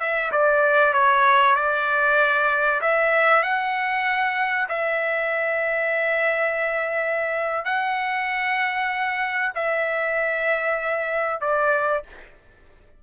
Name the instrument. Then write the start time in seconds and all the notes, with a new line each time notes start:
trumpet
0.00 E5
0.32 D5
0.93 C#5
1.56 D5
2.81 E5
3.43 F#5
4.69 E5
7.65 F#5
9.55 E5
11.41 D5